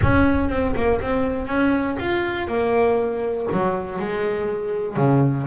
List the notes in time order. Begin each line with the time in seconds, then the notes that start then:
0.02 C#4
0.49 C4
0.76 A#3
1.01 C4
1.47 C#4
1.99 F4
2.47 A#3
3.52 F#3
3.99 G#3
4.96 C#3